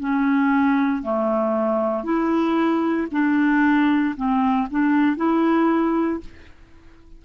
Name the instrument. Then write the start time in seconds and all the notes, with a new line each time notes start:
clarinet
0.00 C#4
1.03 A3
2.04 E4
3.12 D4
4.17 C4
4.71 D4
5.17 E4